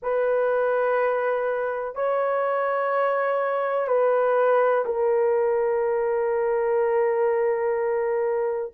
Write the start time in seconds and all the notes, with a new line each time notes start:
0.02 B4
1.95 C#5
3.87 B4
4.85 A#4